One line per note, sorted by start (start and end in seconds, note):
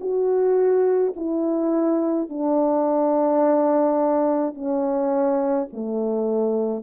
0.00 1.13 F#4
1.16 2.29 E4
2.29 4.54 D4
4.54 5.67 C#4
5.72 6.83 A3